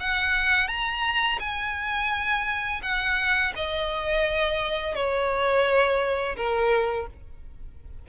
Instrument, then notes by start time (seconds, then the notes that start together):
violin
0.00 F#5
0.68 A#5
1.40 G#5
2.83 F#5
3.56 D#5
4.95 C#5
6.36 A#4